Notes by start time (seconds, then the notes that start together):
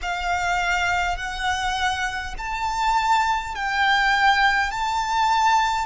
0.02 F5
1.17 F#5
2.38 A5
3.55 G5
4.71 A5